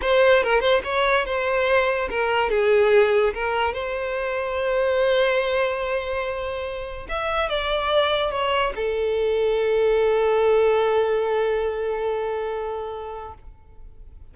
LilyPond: \new Staff \with { instrumentName = "violin" } { \time 4/4 \tempo 4 = 144 c''4 ais'8 c''8 cis''4 c''4~ | c''4 ais'4 gis'2 | ais'4 c''2.~ | c''1~ |
c''4 e''4 d''2 | cis''4 a'2.~ | a'1~ | a'1 | }